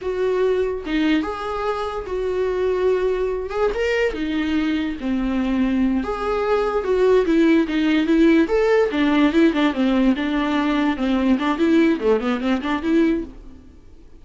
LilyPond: \new Staff \with { instrumentName = "viola" } { \time 4/4 \tempo 4 = 145 fis'2 dis'4 gis'4~ | gis'4 fis'2.~ | fis'8 gis'8 ais'4 dis'2 | c'2~ c'8 gis'4.~ |
gis'8 fis'4 e'4 dis'4 e'8~ | e'8 a'4 d'4 e'8 d'8 c'8~ | c'8 d'2 c'4 d'8 | e'4 a8 b8 c'8 d'8 e'4 | }